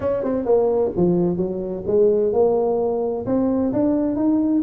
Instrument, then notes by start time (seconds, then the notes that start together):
tuba
0.00 C#4
0.23 C4
0.45 A#3
0.96 F3
1.37 F#3
1.86 G#3
2.32 A#3
3.26 C4
3.73 D4
4.15 D#4